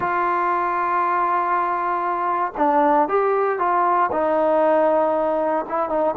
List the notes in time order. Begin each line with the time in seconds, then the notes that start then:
0.00 F4
2.57 D4
3.08 G4
3.58 F4
4.12 D#4
5.69 E4
5.89 D#4